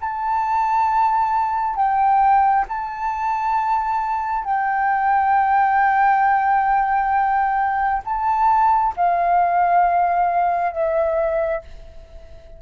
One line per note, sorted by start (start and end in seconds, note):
0.00 1.75 A5
1.75 2.65 G5
2.68 4.44 A5
4.44 8.02 G5
8.04 8.94 A5
8.96 10.72 F5
10.72 11.61 E5